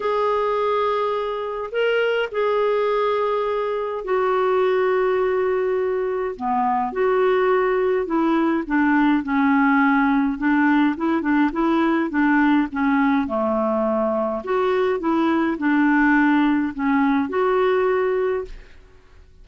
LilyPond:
\new Staff \with { instrumentName = "clarinet" } { \time 4/4 \tempo 4 = 104 gis'2. ais'4 | gis'2. fis'4~ | fis'2. b4 | fis'2 e'4 d'4 |
cis'2 d'4 e'8 d'8 | e'4 d'4 cis'4 a4~ | a4 fis'4 e'4 d'4~ | d'4 cis'4 fis'2 | }